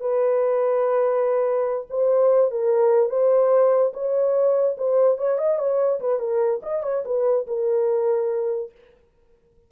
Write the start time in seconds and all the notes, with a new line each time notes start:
0.00 B4
1.90 C5
2.51 A#4
3.09 C5
3.93 C#5
4.77 C5
5.18 C#5
5.38 D#5
5.58 C#5
6.00 B4
6.19 A#4
6.62 D#5
6.83 C#5
7.05 B4
7.47 A#4